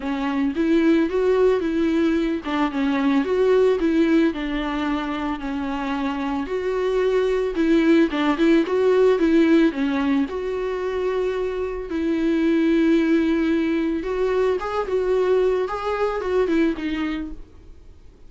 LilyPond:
\new Staff \with { instrumentName = "viola" } { \time 4/4 \tempo 4 = 111 cis'4 e'4 fis'4 e'4~ | e'8 d'8 cis'4 fis'4 e'4 | d'2 cis'2 | fis'2 e'4 d'8 e'8 |
fis'4 e'4 cis'4 fis'4~ | fis'2 e'2~ | e'2 fis'4 gis'8 fis'8~ | fis'4 gis'4 fis'8 e'8 dis'4 | }